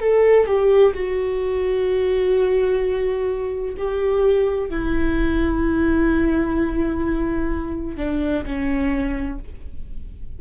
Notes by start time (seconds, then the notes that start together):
0.00 A4
0.46 G4
0.94 F#4
3.77 G4
4.70 E4
7.97 D4
8.45 C#4